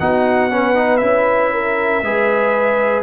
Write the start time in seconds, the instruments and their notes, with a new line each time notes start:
0.00 tuba B3, trombone D#4, horn F#4, trumpet F#5
0.51 trombone C#4, horn B4
0.75 trombone D#4
0.97 tuba C#4, trombone E4, trumpet E5
1.53 horn A#4
2.03 tuba G#3, trombone G#4, horn B4